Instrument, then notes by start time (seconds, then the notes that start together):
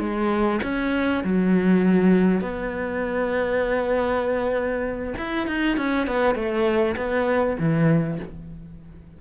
cello
0.00 G#3
0.63 C#4
1.25 F#3
2.41 B3
5.18 E4
5.47 D#4
5.77 C#4
6.07 B3
6.36 A3
6.97 B3
7.60 E3